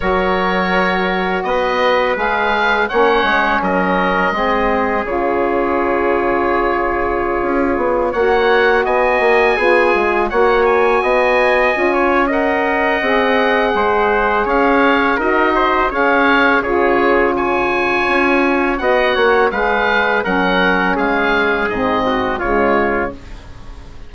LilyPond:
<<
  \new Staff \with { instrumentName = "oboe" } { \time 4/4 \tempo 4 = 83 cis''2 dis''4 f''4 | fis''4 dis''2 cis''4~ | cis''2.~ cis''16 fis''8.~ | fis''16 gis''2 fis''8 gis''4~ gis''16~ |
gis''4 fis''2. | f''4 dis''4 f''4 cis''4 | gis''2 fis''4 f''4 | fis''4 f''4 dis''4 cis''4 | }
  \new Staff \with { instrumentName = "trumpet" } { \time 4/4 ais'2 b'2 | cis''4 ais'4 gis'2~ | gis'2.~ gis'16 cis''8.~ | cis''16 dis''4 gis'4 cis''4 dis''8.~ |
dis''8 cis''8 dis''2 c''4 | cis''4 ais'8 c''8 cis''4 gis'4 | cis''2 dis''8 cis''8 b'4 | ais'4 gis'4. fis'8 f'4 | }
  \new Staff \with { instrumentName = "saxophone" } { \time 4/4 fis'2. gis'4 | cis'2 c'4 f'4~ | f'2.~ f'16 fis'8.~ | fis'4~ fis'16 f'4 fis'4.~ fis'16~ |
fis'16 f'8. ais'4 gis'2~ | gis'4 fis'4 gis'4 f'4~ | f'2 fis'4 gis'4 | cis'2 c'4 gis4 | }
  \new Staff \with { instrumentName = "bassoon" } { \time 4/4 fis2 b4 gis4 | ais8 gis8 fis4 gis4 cis4~ | cis2~ cis16 cis'8 b8 ais8.~ | ais16 b8 ais8 b8 gis8 ais4 b8.~ |
b16 cis'4.~ cis'16 c'4 gis4 | cis'4 dis'4 cis'4 cis4~ | cis4 cis'4 b8 ais8 gis4 | fis4 gis4 gis,4 cis4 | }
>>